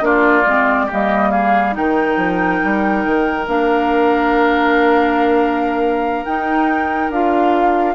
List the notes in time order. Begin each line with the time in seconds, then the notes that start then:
0.00 A#3 D4 F4 D5
0.46 G#3 C4
0.86 A#3 G4
0.92 G3 D#5
1.31 G#4 F5
1.71 D#3 D#4 A#4 G5
2.16 F3
2.64 G3
3.05 D#3
3.47 A#3 D4 F5
6.25 D#4 G5
7.09 D4 F4 F5